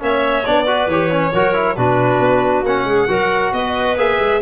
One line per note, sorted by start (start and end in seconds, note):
0.00 0.46 A#3
0.00 0.44 C#4
0.00 0.65 C#5
0.00 0.46 E5
0.46 0.87 B3
0.46 0.67 D4
0.46 0.89 D5
0.65 0.89 F#4
0.65 1.31 B4
0.87 1.31 E3
0.87 1.11 G4
0.87 1.76 C#5
1.11 1.33 C#4
1.33 1.77 F#3
1.33 1.54 F#4
1.33 1.76 A#4
1.54 1.76 E4
1.76 2.20 B2
1.76 2.65 D4
1.76 2.86 F#4
1.76 2.64 B4
2.20 2.62 B3
2.62 2.84 A#3
2.62 3.09 C#4
2.62 3.53 F#5
2.84 3.06 G#3
2.84 3.08 G#4
3.08 3.52 F#3
3.08 3.97 F#4
3.08 3.52 A#4
3.52 3.97 B3
3.52 4.42 B4
3.52 3.97 D#5
3.97 4.19 A#3
3.97 4.42 G#4
3.97 4.42 E5
4.19 4.42 G#3